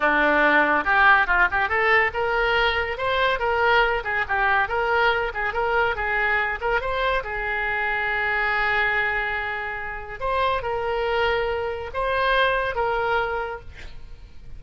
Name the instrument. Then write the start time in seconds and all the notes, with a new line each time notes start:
oboe
0.00 D4
0.84 G4
1.26 F4
1.51 G4
1.68 A4
2.13 A#4
2.97 C5
3.39 A#4
4.04 G#4
4.27 G4
4.68 A#4
5.34 G#4
5.53 A#4
5.95 G#4
6.61 A#4
6.80 C5
7.23 G#4
10.20 C5
10.62 A#4
11.93 C5
12.75 A#4